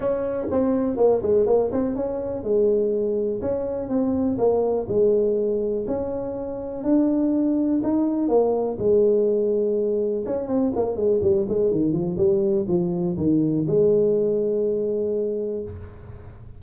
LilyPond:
\new Staff \with { instrumentName = "tuba" } { \time 4/4 \tempo 4 = 123 cis'4 c'4 ais8 gis8 ais8 c'8 | cis'4 gis2 cis'4 | c'4 ais4 gis2 | cis'2 d'2 |
dis'4 ais4 gis2~ | gis4 cis'8 c'8 ais8 gis8 g8 gis8 | dis8 f8 g4 f4 dis4 | gis1 | }